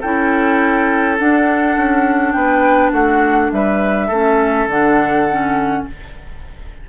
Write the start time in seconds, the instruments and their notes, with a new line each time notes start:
0.00 bassoon C#4, clarinet E4, oboe A4, flute G5
1.19 clarinet D4, bassoon D4, flute F#5
1.77 bassoon C#4
2.32 bassoon B3, oboe B4, flute G5
2.92 bassoon A3, oboe F#4, flute F#5
3.52 bassoon G3, oboe B4, flute E5
4.07 bassoon A3, clarinet C#4, oboe A4
4.67 bassoon D3, clarinet D4, flute F#5
5.31 clarinet C#4